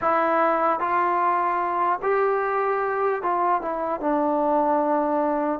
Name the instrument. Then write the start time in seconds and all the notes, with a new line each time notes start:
trombone
0.01 E4
0.79 F4
2.02 G4
3.22 F4
3.61 E4
4.00 D4